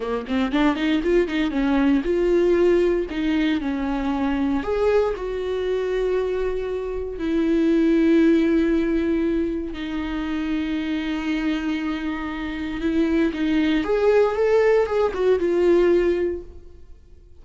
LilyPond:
\new Staff \with { instrumentName = "viola" } { \time 4/4 \tempo 4 = 117 ais8 c'8 d'8 dis'8 f'8 dis'8 cis'4 | f'2 dis'4 cis'4~ | cis'4 gis'4 fis'2~ | fis'2 e'2~ |
e'2. dis'4~ | dis'1~ | dis'4 e'4 dis'4 gis'4 | a'4 gis'8 fis'8 f'2 | }